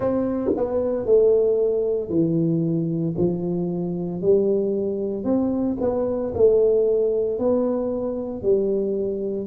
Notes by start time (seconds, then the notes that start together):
0.00 C4
0.56 B3
1.05 A3
2.09 E3
3.17 F3
4.21 G3
5.23 C4
5.80 B3
6.34 A3
7.38 B3
8.42 G3